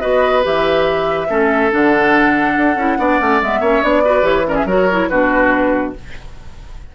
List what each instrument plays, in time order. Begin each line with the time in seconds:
0.00 bassoon B3, clarinet F#4, oboe B4, flute D#5
0.43 bassoon E3, clarinet G4, flute E5
1.29 bassoon A3, clarinet C#4, oboe A4
1.71 bassoon D3, clarinet D4, flute F#5
2.57 bassoon D4
2.75 bassoon C#4, clarinet E4
2.98 bassoon B3, clarinet D4, oboe D5
3.19 bassoon A3, clarinet C#4
3.41 bassoon G#3, clarinet B3, flute E5
3.60 bassoon A#3, clarinet C#4, oboe C#5
3.82 bassoon B3, clarinet D4, flute D5
4.04 clarinet F#4, oboe B4
4.22 bassoon E3, clarinet G4, flute C#5
4.46 clarinet C#4, oboe A#4, flute D5
4.54 oboe G#4, flute E5
4.65 bassoon F#3, clarinet F#4, oboe A#4, flute C#5
4.91 clarinet E4
5.09 bassoon B2, clarinet D4, oboe F#4, flute B4